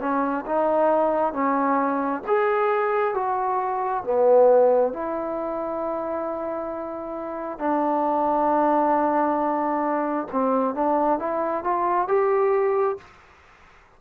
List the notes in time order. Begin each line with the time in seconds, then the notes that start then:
0.00 C#4
0.46 D#4
1.33 C#4
2.27 G#4
3.15 F#4
4.04 B3
4.93 E4
7.59 D4
10.32 C4
10.75 D4
11.19 E4
11.64 F4
12.08 G4